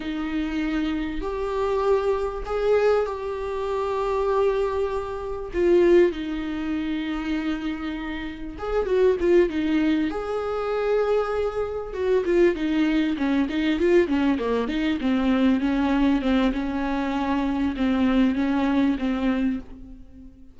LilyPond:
\new Staff \with { instrumentName = "viola" } { \time 4/4 \tempo 4 = 98 dis'2 g'2 | gis'4 g'2.~ | g'4 f'4 dis'2~ | dis'2 gis'8 fis'8 f'8 dis'8~ |
dis'8 gis'2. fis'8 | f'8 dis'4 cis'8 dis'8 f'8 cis'8 ais8 | dis'8 c'4 cis'4 c'8 cis'4~ | cis'4 c'4 cis'4 c'4 | }